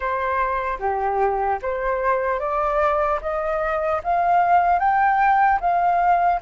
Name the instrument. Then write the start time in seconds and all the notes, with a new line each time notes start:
flute
0.00 C5
0.79 G4
1.61 C5
2.39 D5
3.21 D#5
4.03 F5
4.79 G5
5.60 F5